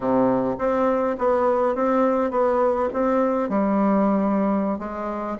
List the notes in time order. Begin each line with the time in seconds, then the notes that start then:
0.00 C3
0.58 C4
1.18 B3
1.75 C4
2.30 B3
2.93 C4
3.49 G3
4.78 G#3